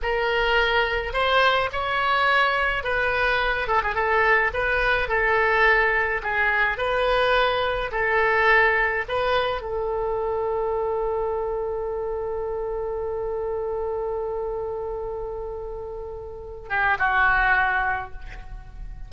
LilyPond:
\new Staff \with { instrumentName = "oboe" } { \time 4/4 \tempo 4 = 106 ais'2 c''4 cis''4~ | cis''4 b'4. a'16 gis'16 a'4 | b'4 a'2 gis'4 | b'2 a'2 |
b'4 a'2.~ | a'1~ | a'1~ | a'4. g'8 fis'2 | }